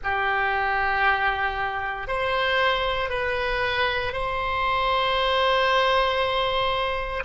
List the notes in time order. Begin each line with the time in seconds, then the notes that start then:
0.03 G4
2.07 C5
3.09 B4
4.12 C5